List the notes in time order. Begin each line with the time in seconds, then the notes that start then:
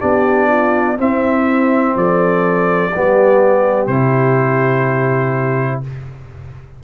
0.00 B3 D4 G4 D5
0.48 F4
0.97 C4 E4 E5
1.96 F3 A4 D5
2.92 G3 B3 G4
3.87 C3 E4 C5